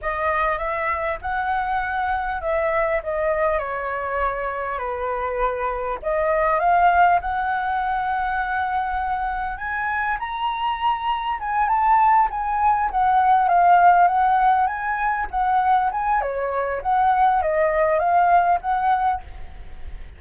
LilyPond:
\new Staff \with { instrumentName = "flute" } { \time 4/4 \tempo 4 = 100 dis''4 e''4 fis''2 | e''4 dis''4 cis''2 | b'2 dis''4 f''4 | fis''1 |
gis''4 ais''2 gis''8 a''8~ | a''8 gis''4 fis''4 f''4 fis''8~ | fis''8 gis''4 fis''4 gis''8 cis''4 | fis''4 dis''4 f''4 fis''4 | }